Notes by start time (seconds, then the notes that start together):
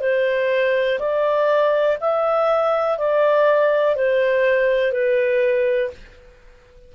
0.00 C5
0.99 D5
2.00 E5
2.98 D5
3.95 C5
4.91 B4